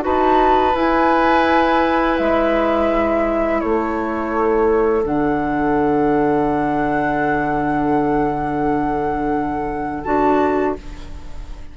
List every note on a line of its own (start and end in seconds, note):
0.00 0.74 D#4
0.00 0.71 F#4
0.00 3.60 B4
0.00 0.75 A5
0.74 2.17 E4
0.74 5.03 E4
0.74 2.17 G#5
2.17 3.62 G#3
2.17 3.60 E5
3.60 5.03 A3
3.60 10.74 A4
3.60 5.03 C#5
5.03 10.03 D3
5.03 10.03 D4
5.03 10.03 F#5
10.03 10.77 D4
10.03 10.75 F#4
10.03 10.75 A5